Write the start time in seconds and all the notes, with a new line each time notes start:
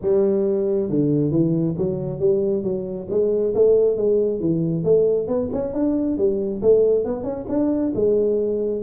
0.01 G3
0.89 D3
1.31 E3
1.77 F#3
2.19 G3
2.63 F#3
3.09 G#3
3.54 A3
3.96 G#3
4.40 E3
4.83 A3
5.27 B3
5.53 C#4
5.73 D4
6.17 G3
6.62 A3
7.04 B3
7.23 C#4
7.48 D4
7.95 G#3